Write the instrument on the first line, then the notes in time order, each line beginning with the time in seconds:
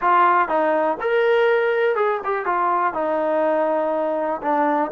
trombone
0.01 F4
0.48 D#4
1.00 A#4
1.95 G#4
2.24 G4
2.45 F4
2.93 D#4
4.42 D4